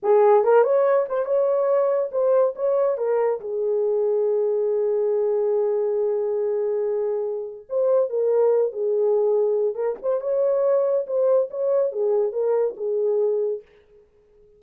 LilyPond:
\new Staff \with { instrumentName = "horn" } { \time 4/4 \tempo 4 = 141 gis'4 ais'8 cis''4 c''8 cis''4~ | cis''4 c''4 cis''4 ais'4 | gis'1~ | gis'1~ |
gis'2 c''4 ais'4~ | ais'8 gis'2~ gis'8 ais'8 c''8 | cis''2 c''4 cis''4 | gis'4 ais'4 gis'2 | }